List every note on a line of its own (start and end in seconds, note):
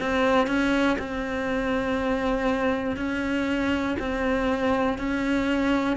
0.00 0.47 C4
0.47 0.97 C#4
0.98 2.96 C4
2.96 3.96 C#4
3.99 4.98 C4
4.98 5.96 C#4